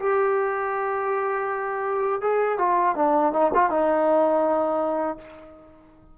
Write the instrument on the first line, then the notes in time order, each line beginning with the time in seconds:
trombone
0.00 G4
2.22 G#4
2.59 F4
2.96 D4
3.33 D#4
3.55 F4
3.70 D#4